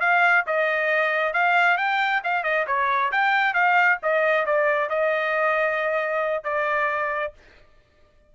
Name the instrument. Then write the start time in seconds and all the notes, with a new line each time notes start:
trumpet
0.00 F5
0.46 D#5
1.33 F5
1.77 G5
2.23 F5
2.43 D#5
2.67 C#5
3.12 G5
3.54 F5
4.02 D#5
4.46 D5
4.89 D#5
6.44 D5